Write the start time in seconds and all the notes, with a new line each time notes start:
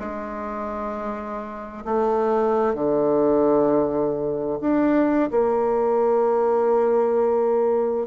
0.00 G#3
1.85 A3
2.75 D3
4.61 D4
5.31 A#3